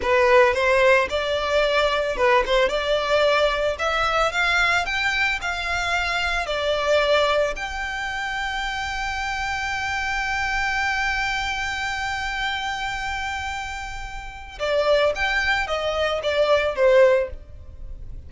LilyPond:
\new Staff \with { instrumentName = "violin" } { \time 4/4 \tempo 4 = 111 b'4 c''4 d''2 | b'8 c''8 d''2 e''4 | f''4 g''4 f''2 | d''2 g''2~ |
g''1~ | g''1~ | g''2. d''4 | g''4 dis''4 d''4 c''4 | }